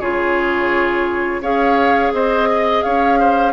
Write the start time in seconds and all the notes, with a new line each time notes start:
0.00 C#3 F4 G#4 C#5
1.41 C#4 G#4 C#5 F5
2.12 C4 C5 D#5
2.49 D#5
2.83 C#4 C#5 F5
3.19 C5